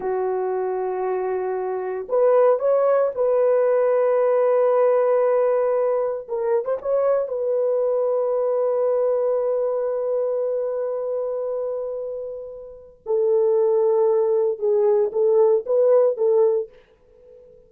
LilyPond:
\new Staff \with { instrumentName = "horn" } { \time 4/4 \tempo 4 = 115 fis'1 | b'4 cis''4 b'2~ | b'1 | ais'8. c''16 cis''4 b'2~ |
b'1~ | b'1~ | b'4 a'2. | gis'4 a'4 b'4 a'4 | }